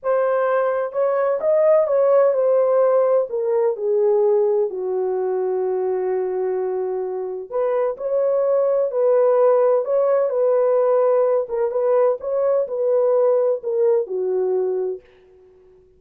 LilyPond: \new Staff \with { instrumentName = "horn" } { \time 4/4 \tempo 4 = 128 c''2 cis''4 dis''4 | cis''4 c''2 ais'4 | gis'2 fis'2~ | fis'1 |
b'4 cis''2 b'4~ | b'4 cis''4 b'2~ | b'8 ais'8 b'4 cis''4 b'4~ | b'4 ais'4 fis'2 | }